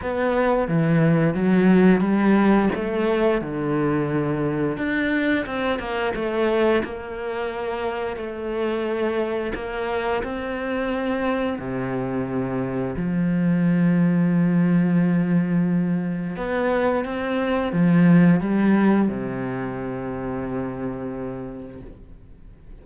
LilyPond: \new Staff \with { instrumentName = "cello" } { \time 4/4 \tempo 4 = 88 b4 e4 fis4 g4 | a4 d2 d'4 | c'8 ais8 a4 ais2 | a2 ais4 c'4~ |
c'4 c2 f4~ | f1 | b4 c'4 f4 g4 | c1 | }